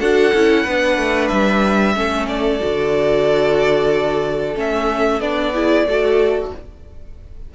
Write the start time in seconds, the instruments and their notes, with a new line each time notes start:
0.00 cello D4, viola F#4, violin A4 F#5
0.34 cello C#4, viola E4
0.64 cello B3, viola D4, violin B4
0.97 cello A3
1.28 cello G3, violin E5
1.95 cello A3, viola C#4, violin A4
2.28 violin D5
2.60 cello D3, viola F#4
4.55 cello A3, viola C#4, violin E5
5.20 cello B3, viola D4, violin D5
5.54 viola E4, violin G#4
5.86 cello A3, viola F#4, violin A4